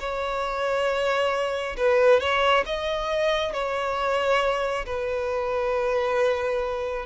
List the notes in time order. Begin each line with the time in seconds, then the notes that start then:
0.00 C#5
1.77 B4
2.20 C#5
2.66 D#5
3.53 C#5
4.86 B4